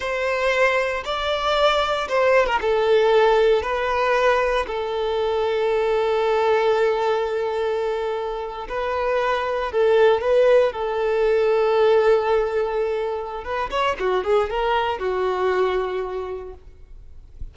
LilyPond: \new Staff \with { instrumentName = "violin" } { \time 4/4 \tempo 4 = 116 c''2 d''2 | c''8. ais'16 a'2 b'4~ | b'4 a'2.~ | a'1~ |
a'8. b'2 a'4 b'16~ | b'8. a'2.~ a'16~ | a'2 b'8 cis''8 fis'8 gis'8 | ais'4 fis'2. | }